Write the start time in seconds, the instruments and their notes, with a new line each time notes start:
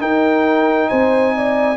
0.00 trombone D#4, tuba D#4, horn A#4, trumpet G5
0.89 tuba C4, horn C5, trumpet G#5
1.37 horn D5